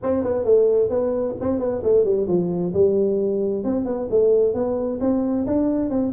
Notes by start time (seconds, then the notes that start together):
0.02 C4
0.23 B3
0.44 A3
0.89 B3
1.40 C4
1.59 B3
1.83 A3
2.04 G3
2.27 F3
2.73 G3
3.64 C4
3.85 B3
4.10 A3
4.54 B3
5.00 C4
5.46 D4
5.90 C4